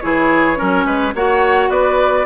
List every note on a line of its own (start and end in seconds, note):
0.00 0.60 E3
0.00 0.56 E4
0.00 0.58 G#4
0.00 1.13 C#5
0.56 0.85 F#3
0.56 1.12 C#4
0.56 0.86 A#4
0.85 1.13 G#3
0.85 1.14 B4
1.14 1.69 A#3
1.14 2.26 F#4
1.14 1.70 C#5
1.14 1.71 F#5
1.69 2.26 B3
1.69 2.26 B4
1.69 2.26 D5